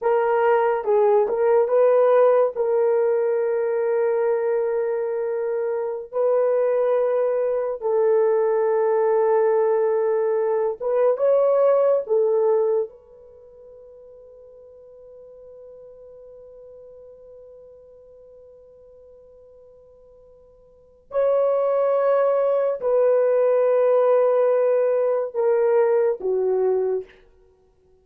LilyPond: \new Staff \with { instrumentName = "horn" } { \time 4/4 \tempo 4 = 71 ais'4 gis'8 ais'8 b'4 ais'4~ | ais'2.~ ais'16 b'8.~ | b'4~ b'16 a'2~ a'8.~ | a'8. b'8 cis''4 a'4 b'8.~ |
b'1~ | b'1~ | b'4 cis''2 b'4~ | b'2 ais'4 fis'4 | }